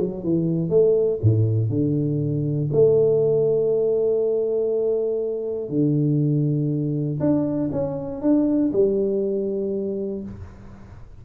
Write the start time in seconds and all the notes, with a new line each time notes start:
0.00 F#3
0.24 E3
0.70 A3
1.22 A2
1.70 D3
2.73 A3
5.70 D3
7.20 D4
7.72 C#4
8.22 D4
8.73 G3